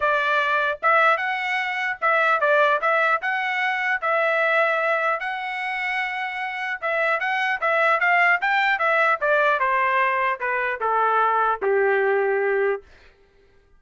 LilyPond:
\new Staff \with { instrumentName = "trumpet" } { \time 4/4 \tempo 4 = 150 d''2 e''4 fis''4~ | fis''4 e''4 d''4 e''4 | fis''2 e''2~ | e''4 fis''2.~ |
fis''4 e''4 fis''4 e''4 | f''4 g''4 e''4 d''4 | c''2 b'4 a'4~ | a'4 g'2. | }